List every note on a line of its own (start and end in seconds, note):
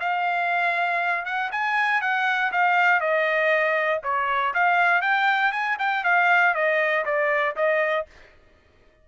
0.00 1.25 F5
1.25 1.50 F#5
1.51 2.01 G#5
2.01 2.51 F#5
2.52 3.00 F5
3.00 4.01 D#5
4.03 4.54 C#5
4.54 5.02 F5
5.02 5.52 G5
5.52 5.77 G#5
5.79 6.04 G5
6.04 6.54 F5
6.54 7.05 D#5
7.05 7.56 D5
7.56 8.06 D#5